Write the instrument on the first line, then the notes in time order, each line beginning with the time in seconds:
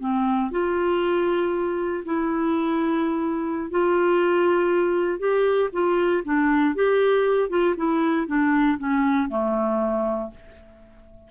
clarinet
0.00 C4
0.51 F4
2.05 E4
3.70 F4
5.19 G4
5.72 F4
6.24 D4
6.74 G4
7.49 F4
7.76 E4
8.27 D4
8.78 C#4
9.29 A3